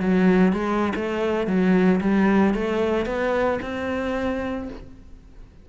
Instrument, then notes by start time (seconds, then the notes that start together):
cello
0.00 F#3
0.52 G#3
0.95 A3
1.46 F#3
2.00 G3
2.54 A3
3.05 B3
3.62 C4